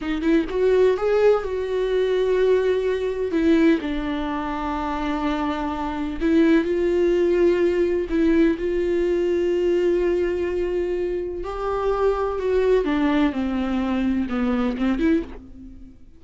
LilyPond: \new Staff \with { instrumentName = "viola" } { \time 4/4 \tempo 4 = 126 dis'8 e'8 fis'4 gis'4 fis'4~ | fis'2. e'4 | d'1~ | d'4 e'4 f'2~ |
f'4 e'4 f'2~ | f'1 | g'2 fis'4 d'4 | c'2 b4 c'8 e'8 | }